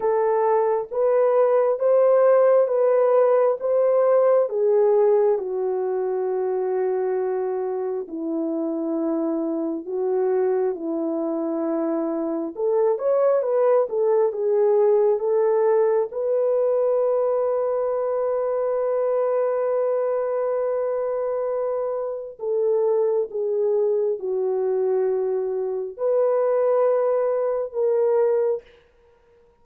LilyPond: \new Staff \with { instrumentName = "horn" } { \time 4/4 \tempo 4 = 67 a'4 b'4 c''4 b'4 | c''4 gis'4 fis'2~ | fis'4 e'2 fis'4 | e'2 a'8 cis''8 b'8 a'8 |
gis'4 a'4 b'2~ | b'1~ | b'4 a'4 gis'4 fis'4~ | fis'4 b'2 ais'4 | }